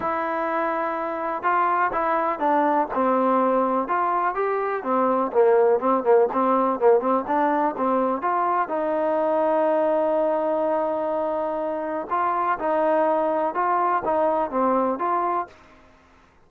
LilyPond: \new Staff \with { instrumentName = "trombone" } { \time 4/4 \tempo 4 = 124 e'2. f'4 | e'4 d'4 c'2 | f'4 g'4 c'4 ais4 | c'8 ais8 c'4 ais8 c'8 d'4 |
c'4 f'4 dis'2~ | dis'1~ | dis'4 f'4 dis'2 | f'4 dis'4 c'4 f'4 | }